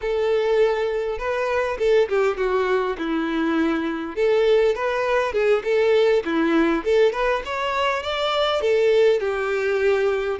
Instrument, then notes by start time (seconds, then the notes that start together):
violin
0.01 A4
1.18 B4
1.78 A4
2.08 G4
2.37 F#4
2.98 E4
4.15 A4
4.75 B4
5.32 G#4
5.64 A4
6.24 E4
6.84 A4
7.12 B4
7.45 C#5
8.02 D5
8.61 A4
9.19 G4